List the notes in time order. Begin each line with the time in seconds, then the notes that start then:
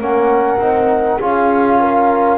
0.00 A#3 C#4 A#4 F#5
0.58 C4 D#4
1.20 C#4 F4 G#4 F5
1.80 A#4